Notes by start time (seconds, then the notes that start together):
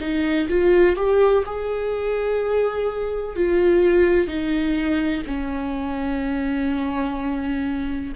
0.00 D#4
0.49 F4
0.96 G4
1.45 G#4
3.35 F4
4.27 D#4
5.26 C#4